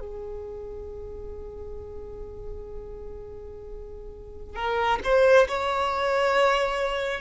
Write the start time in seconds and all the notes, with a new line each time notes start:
0.00 G#4
4.56 A#4
5.04 C5
5.48 C#5